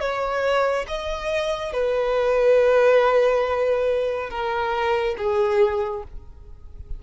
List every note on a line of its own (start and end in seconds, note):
0.00 0.86 C#5
0.88 1.73 D#5
1.73 4.30 B4
4.30 5.16 A#4
5.18 6.04 G#4